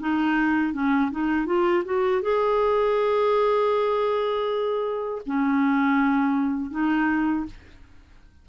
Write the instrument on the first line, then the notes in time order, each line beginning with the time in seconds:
clarinet
0.00 D#4
0.74 C#4
1.11 D#4
1.46 F4
1.85 F#4
2.22 G#4
5.26 C#4
6.71 D#4